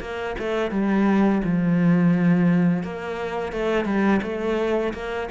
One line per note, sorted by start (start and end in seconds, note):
0.00 0.35 A#3
0.39 0.71 A3
0.71 1.41 G3
1.44 2.83 F3
2.83 3.52 A#3
3.52 3.85 A3
3.85 4.20 G3
4.22 4.93 A3
4.93 5.29 A#3